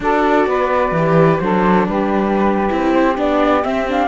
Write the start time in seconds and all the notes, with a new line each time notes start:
0.00 D4 F#4 A4 D5
0.46 B3 B4
0.91 E3 G4
1.39 F#3 D4 A4 C5
1.87 G3 G4 B4
2.68 C4 E4
2.93 C5
3.16 B3 D4 D5
3.63 C4 E5
3.88 D4 F5